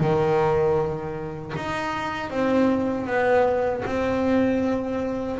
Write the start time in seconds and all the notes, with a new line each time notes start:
0.00 D#3
1.56 D#4
2.30 C4
3.07 B3
3.86 C4